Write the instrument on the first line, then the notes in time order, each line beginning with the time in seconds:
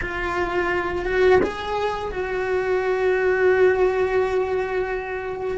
cello
0.01 F4
1.05 F#4
1.42 G#4
2.11 F#4